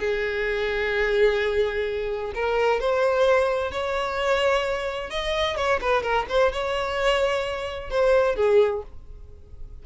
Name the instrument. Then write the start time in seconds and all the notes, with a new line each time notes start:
violin
0.00 G#4
2.35 A#4
2.80 C5
3.71 C#5
5.10 D#5
5.57 C#5
5.81 B4
6.03 A#4
6.29 C5
6.52 C#5
7.90 C5
8.36 G#4